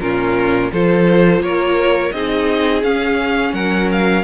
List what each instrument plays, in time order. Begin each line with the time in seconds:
0.00 cello A#2, viola C#4, violin F4 A#4
0.71 cello F3, viola F4, violin A4 C5
1.40 cello A#3, violin A#4 C#5
2.12 cello C4, viola D#4, violin G#4 D#5
2.82 viola C#4, cello C#4, violin F5
3.53 cello F#3, violin A#4 F#5
3.92 violin F5